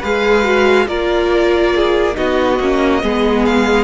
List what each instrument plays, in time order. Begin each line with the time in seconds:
0.00 cello G#3, viola G#4, violin B4 F5
0.44 viola F#4
0.88 cello A#3, viola F4, violin A#4 D5
1.75 violin G#4
2.14 cello B3, viola D#4, violin F#4 D#5
2.60 cello A#3, viola C#4
3.02 cello G#3, viola B3, violin G#4
3.46 violin F5